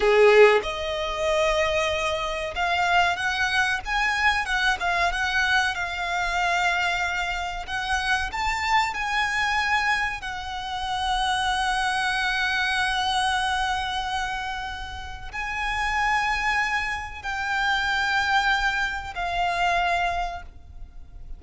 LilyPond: \new Staff \with { instrumentName = "violin" } { \time 4/4 \tempo 4 = 94 gis'4 dis''2. | f''4 fis''4 gis''4 fis''8 f''8 | fis''4 f''2. | fis''4 a''4 gis''2 |
fis''1~ | fis''1 | gis''2. g''4~ | g''2 f''2 | }